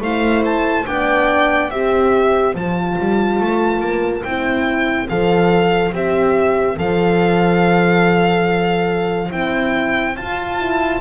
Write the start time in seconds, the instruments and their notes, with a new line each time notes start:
0.00 double bass A3, horn E4, viola C5, violin F5
0.44 violin A5
0.86 double bass B3, horn D4, viola D5, violin G5
1.70 double bass C4, horn G4, viola C5, violin E5
2.54 double bass F3, horn F4, violin A5
2.98 double bass G3
3.40 double bass A3
3.80 double bass A#3
4.22 double bass C4, horn E4, violin G5
5.08 double bass F3, horn A4, violin F5
5.92 double bass C4, horn G4, violin E5
6.76 double bass F3, horn A4, violin F5
9.29 double bass C4, horn E4, violin G5
10.16 double bass F4, horn F4, violin A5
10.58 horn E4